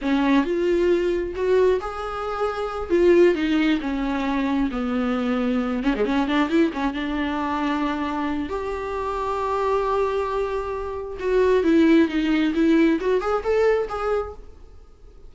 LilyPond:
\new Staff \with { instrumentName = "viola" } { \time 4/4 \tempo 4 = 134 cis'4 f'2 fis'4 | gis'2~ gis'8 f'4 dis'8~ | dis'8 cis'2 b4.~ | b4 cis'16 gis16 cis'8 d'8 e'8 cis'8 d'8~ |
d'2. g'4~ | g'1~ | g'4 fis'4 e'4 dis'4 | e'4 fis'8 gis'8 a'4 gis'4 | }